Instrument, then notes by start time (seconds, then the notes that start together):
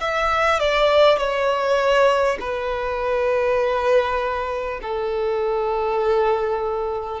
violin
0.00 E5
0.59 D5
1.17 C#5
2.40 B4
4.82 A4